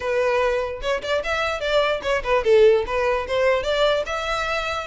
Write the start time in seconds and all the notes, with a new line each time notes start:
0.00 B4
0.81 C#5
1.02 D5
1.23 E5
1.60 D5
2.02 C#5
2.23 B4
2.44 A4
2.86 B4
3.27 C5
3.63 D5
4.06 E5